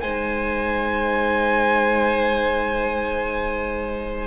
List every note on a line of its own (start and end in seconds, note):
0.00 4.27 G#3
0.00 4.27 D#4
0.00 4.27 C5
0.00 4.27 G#5